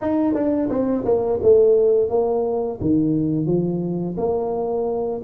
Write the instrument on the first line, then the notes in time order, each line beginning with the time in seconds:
tuba
0.01 D#4
0.34 D4
0.69 C4
1.04 A#3
1.42 A3
2.09 A#3
2.80 D#3
3.46 F3
4.17 A#3